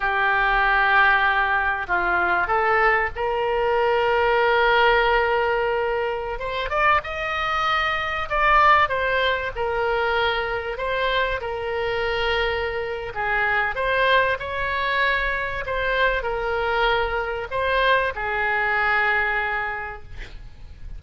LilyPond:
\new Staff \with { instrumentName = "oboe" } { \time 4/4 \tempo 4 = 96 g'2. f'4 | a'4 ais'2.~ | ais'2~ ais'16 c''8 d''8 dis''8.~ | dis''4~ dis''16 d''4 c''4 ais'8.~ |
ais'4~ ais'16 c''4 ais'4.~ ais'16~ | ais'4 gis'4 c''4 cis''4~ | cis''4 c''4 ais'2 | c''4 gis'2. | }